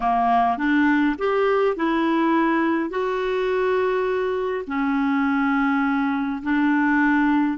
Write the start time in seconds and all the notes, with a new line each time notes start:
0.00 A#3
0.57 D4
1.18 G4
1.76 E4
2.90 F#4
4.67 C#4
6.42 D4